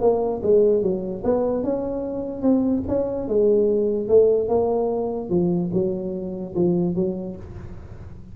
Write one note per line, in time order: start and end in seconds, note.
0.00 0.41 A#3
0.42 0.82 G#3
0.82 1.23 F#3
1.24 1.63 B3
1.63 2.42 C#4
2.42 2.82 C4
2.88 3.27 C#4
3.27 4.08 G#3
4.08 4.48 A3
4.48 5.29 A#3
5.29 5.70 F3
5.72 6.54 F#3
6.55 6.95 F3
6.95 7.36 F#3